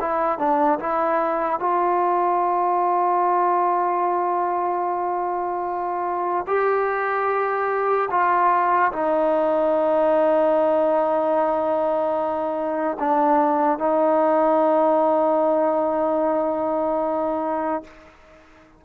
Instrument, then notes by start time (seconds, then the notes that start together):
trombone
0.00 E4
0.38 D4
0.79 E4
1.59 F4
6.47 G4
8.10 F4
8.92 D#4
12.99 D4
13.78 D#4